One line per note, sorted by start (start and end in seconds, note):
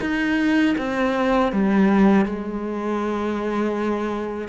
0.00 0.75 D#4
0.77 1.52 C4
1.52 2.25 G3
2.25 4.48 G#3